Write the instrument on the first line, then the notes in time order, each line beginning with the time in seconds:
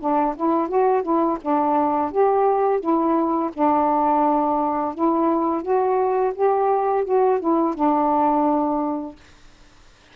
saxophone
0.00 D4
0.36 E4
0.68 F#4
1.03 E4
1.41 D4
2.11 G4
2.80 E4
3.53 D4
4.95 E4
5.62 F#4
6.35 G4
7.05 F#4
7.40 E4
7.75 D4